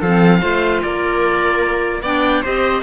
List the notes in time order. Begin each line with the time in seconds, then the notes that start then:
0.00 F3 C4 A4 F5
0.41 A3 F4 C5
0.82 A#3 A#4 D5
2.02 B3 D4 D5 G5
2.42 C4 G4 C5 D#5